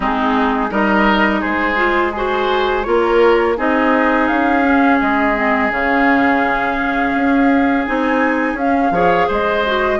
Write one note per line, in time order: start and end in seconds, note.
0.00 0.70 G#3
0.00 0.69 C4
0.00 0.70 D#4
0.00 0.72 G#4
0.69 1.42 G3
0.69 1.76 D#4
0.69 1.40 A#4
0.69 1.41 D#5
1.40 2.86 G#3
1.40 2.11 G#4
1.40 2.12 C5
1.76 2.12 F4
2.12 2.84 F#4
2.12 2.83 G#4
2.12 2.86 C5
2.83 3.58 A#3
2.83 3.55 F4
2.83 3.57 A#4
2.83 3.54 C#5
3.57 4.29 C4
3.57 4.64 D#4
3.57 8.93 G#4
3.57 4.27 D#5
4.27 5.00 C#4
4.27 4.98 F5
4.64 5.35 C#4
5.00 5.70 G#3
5.00 5.71 D#5
5.35 5.69 C4
5.69 7.13 C#3
5.69 7.84 C#4
5.69 7.86 F5
7.14 7.86 C#4
7.86 8.53 C4
7.86 8.57 D#4
7.86 8.57 G#5
8.53 8.89 C#4
8.53 8.93 C#4
8.53 9.29 F5
8.90 9.26 F3
8.90 9.64 G#4
8.90 9.27 C#5
9.27 9.99 G#3
9.27 9.99 C5
9.27 9.99 D#5
9.65 9.99 F#4